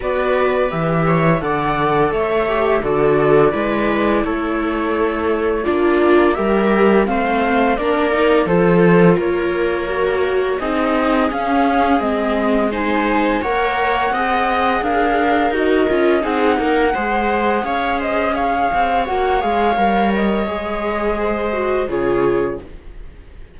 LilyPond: <<
  \new Staff \with { instrumentName = "flute" } { \time 4/4 \tempo 4 = 85 d''4 e''4 fis''4 e''4 | d''2 cis''2 | d''4 e''4 f''4 d''4 | c''4 cis''2 dis''4 |
f''4 dis''4 gis''4 fis''4~ | fis''4 f''4 dis''4 fis''4~ | fis''4 f''8 dis''8 f''4 fis''8 f''8~ | f''8 dis''2~ dis''8 cis''4 | }
  \new Staff \with { instrumentName = "viola" } { \time 4/4 b'4. cis''8 d''4 cis''4 | a'4 b'4 a'2 | f'4 ais'4 c''4 ais'4 | a'4 ais'2 gis'4~ |
gis'2 c''4 cis''4 | dis''4 ais'2 gis'8 ais'8 | c''4 cis''8 c''8 cis''2~ | cis''2 c''4 gis'4 | }
  \new Staff \with { instrumentName = "viola" } { \time 4/4 fis'4 g'4 a'4. g'8 | fis'4 e'2. | d'4 g'4 c'4 d'8 dis'8 | f'2 fis'4 dis'4 |
cis'4 c'4 dis'4 ais'4 | gis'2 fis'8 f'8 dis'4 | gis'2. fis'8 gis'8 | ais'4 gis'4. fis'8 f'4 | }
  \new Staff \with { instrumentName = "cello" } { \time 4/4 b4 e4 d4 a4 | d4 gis4 a2 | ais4 g4 a4 ais4 | f4 ais2 c'4 |
cis'4 gis2 ais4 | c'4 d'4 dis'8 cis'8 c'8 ais8 | gis4 cis'4. c'8 ais8 gis8 | g4 gis2 cis4 | }
>>